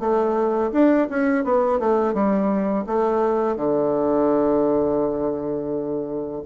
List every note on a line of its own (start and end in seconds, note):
0.00 0.71 A3
0.73 1.08 D4
1.10 1.44 C#4
1.44 1.80 B3
1.80 2.14 A3
2.14 2.86 G3
2.87 3.57 A3
3.57 6.43 D3